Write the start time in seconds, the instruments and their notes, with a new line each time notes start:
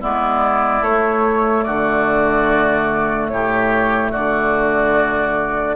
0.00 bassoon G#3, clarinet B3, oboe E4, flute D5
0.81 bassoon A3, clarinet A3, flute C#5
1.62 bassoon D3, oboe F#4, flute D5
3.27 bassoon A2, oboe G4, flute C#5
4.11 bassoon D3, oboe F#4, flute D5